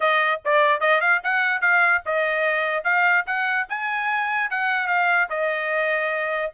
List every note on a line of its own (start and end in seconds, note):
0.00 0.41 D#5
0.44 0.80 D5
0.80 1.00 D#5
1.00 1.21 F5
1.23 1.61 F#5
1.61 2.01 F5
2.05 2.83 D#5
2.83 3.24 F5
3.26 3.67 F#5
3.69 4.50 G#5
4.50 4.87 F#5
4.87 5.28 F5
5.29 6.52 D#5